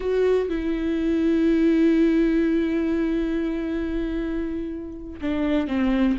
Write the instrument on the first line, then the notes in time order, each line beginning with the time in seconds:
viola
0.00 F#4
0.49 E4
5.21 D4
5.67 C4